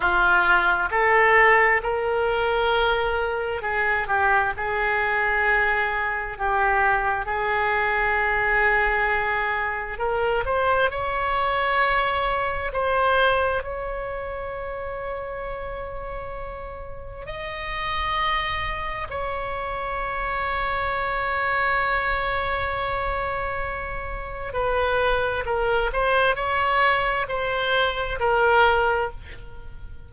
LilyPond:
\new Staff \with { instrumentName = "oboe" } { \time 4/4 \tempo 4 = 66 f'4 a'4 ais'2 | gis'8 g'8 gis'2 g'4 | gis'2. ais'8 c''8 | cis''2 c''4 cis''4~ |
cis''2. dis''4~ | dis''4 cis''2.~ | cis''2. b'4 | ais'8 c''8 cis''4 c''4 ais'4 | }